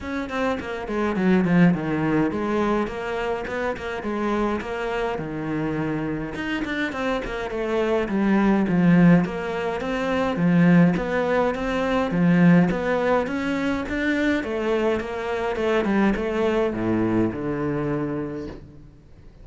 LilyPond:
\new Staff \with { instrumentName = "cello" } { \time 4/4 \tempo 4 = 104 cis'8 c'8 ais8 gis8 fis8 f8 dis4 | gis4 ais4 b8 ais8 gis4 | ais4 dis2 dis'8 d'8 | c'8 ais8 a4 g4 f4 |
ais4 c'4 f4 b4 | c'4 f4 b4 cis'4 | d'4 a4 ais4 a8 g8 | a4 a,4 d2 | }